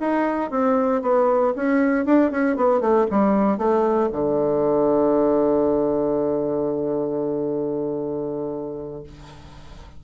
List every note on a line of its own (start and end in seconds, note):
0.00 0.51 D#4
0.51 1.02 C4
1.02 1.54 B3
1.56 2.06 C#4
2.06 2.31 D4
2.31 2.57 C#4
2.57 2.81 B3
2.81 3.07 A3
3.11 3.58 G3
3.58 4.10 A3
4.12 9.04 D3